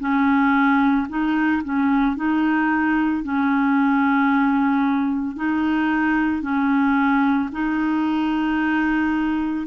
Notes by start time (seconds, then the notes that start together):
0.00 C#4
1.09 D#4
1.64 C#4
2.16 D#4
3.23 C#4
5.37 D#4
6.42 C#4
7.52 D#4